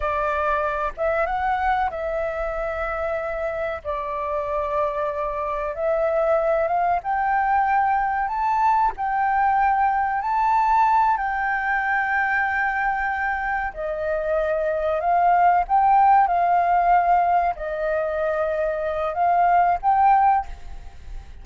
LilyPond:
\new Staff \with { instrumentName = "flute" } { \time 4/4 \tempo 4 = 94 d''4. e''8 fis''4 e''4~ | e''2 d''2~ | d''4 e''4. f''8 g''4~ | g''4 a''4 g''2 |
a''4. g''2~ g''8~ | g''4. dis''2 f''8~ | f''8 g''4 f''2 dis''8~ | dis''2 f''4 g''4 | }